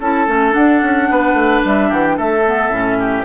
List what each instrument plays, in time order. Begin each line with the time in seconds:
0.00 bassoon C#4, clarinet E4, oboe A4, flute A5
0.27 bassoon A3, clarinet C#4
0.52 clarinet D4, bassoon D4, flute F#5
0.82 bassoon C#4
1.10 bassoon B3, oboe B4
1.34 bassoon A3
1.65 bassoon G3, flute E5
1.89 bassoon E3, oboe G4, flute F#5
2.04 flute G5
2.17 bassoon A3, oboe A4, flute E5
2.47 clarinet B3
2.69 bassoon A2, clarinet C#4
2.99 oboe G4